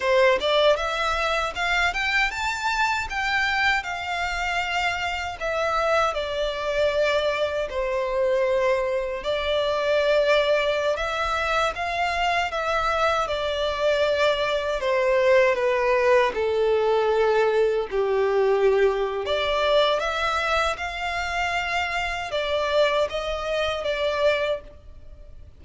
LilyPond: \new Staff \with { instrumentName = "violin" } { \time 4/4 \tempo 4 = 78 c''8 d''8 e''4 f''8 g''8 a''4 | g''4 f''2 e''4 | d''2 c''2 | d''2~ d''16 e''4 f''8.~ |
f''16 e''4 d''2 c''8.~ | c''16 b'4 a'2 g'8.~ | g'4 d''4 e''4 f''4~ | f''4 d''4 dis''4 d''4 | }